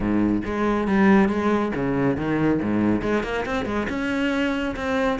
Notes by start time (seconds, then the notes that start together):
0.00 G#2
0.44 G#3
0.87 G3
1.29 G#3
1.75 C#3
2.16 D#3
2.61 G#2
3.02 G#3
3.23 A#3
3.45 C4
3.65 G#3
3.89 C#4
4.76 C4